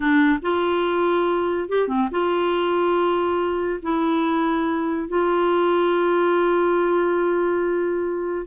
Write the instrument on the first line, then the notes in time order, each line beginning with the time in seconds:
clarinet
0.00 D4
0.42 F4
1.68 G4
1.87 C4
2.11 F4
3.82 E4
5.08 F4